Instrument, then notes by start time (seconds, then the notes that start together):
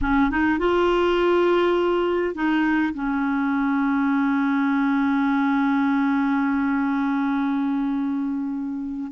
clarinet
0.01 C#4
0.30 D#4
0.59 F4
2.34 D#4
2.94 C#4